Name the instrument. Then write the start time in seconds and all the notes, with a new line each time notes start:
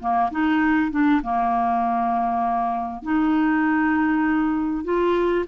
clarinet
0.00 A#3
0.31 D#4
0.91 D4
1.23 A#3
3.03 D#4
4.85 F4